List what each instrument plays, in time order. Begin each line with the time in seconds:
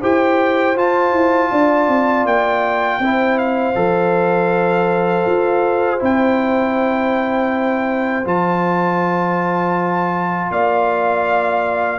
0.00 tuba E4, trombone G4, horn C5, trumpet G5
0.76 trombone F4, tuba F4, trumpet A5
1.12 tuba E4
1.51 tuba D4, horn D5
1.88 tuba C4
2.25 tuba A#3, trumpet G5
2.99 tuba C4, trombone E4, horn C5
3.38 trumpet F5
3.75 tuba F3, trombone A4
5.26 tuba F4
5.99 tuba C4, trombone E4, trumpet G5
8.25 tuba F3, trombone F4, trumpet A5
10.51 tuba A#3, horn D5, trumpet F5